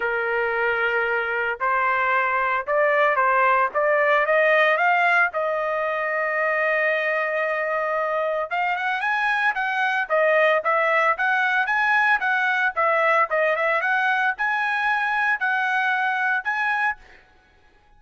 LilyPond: \new Staff \with { instrumentName = "trumpet" } { \time 4/4 \tempo 4 = 113 ais'2. c''4~ | c''4 d''4 c''4 d''4 | dis''4 f''4 dis''2~ | dis''1 |
f''8 fis''8 gis''4 fis''4 dis''4 | e''4 fis''4 gis''4 fis''4 | e''4 dis''8 e''8 fis''4 gis''4~ | gis''4 fis''2 gis''4 | }